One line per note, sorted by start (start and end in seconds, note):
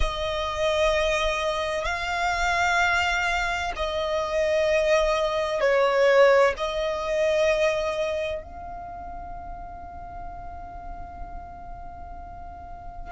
0.00 1.85 D#5
1.85 3.72 F5
3.75 5.60 D#5
5.60 6.54 C#5
6.57 8.42 D#5
8.42 13.11 F5